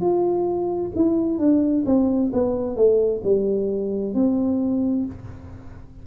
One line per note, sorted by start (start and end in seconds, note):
0.00 0.91 F4
0.95 1.38 E4
1.38 1.84 D4
1.86 2.31 C4
2.33 2.76 B3
2.76 3.21 A3
3.23 4.14 G3
4.14 5.05 C4